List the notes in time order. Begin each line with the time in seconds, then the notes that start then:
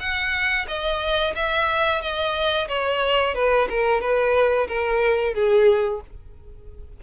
0.00 F#5
0.68 D#5
1.36 E5
2.02 D#5
2.69 C#5
3.35 B4
3.70 A#4
4.01 B4
4.68 A#4
5.35 G#4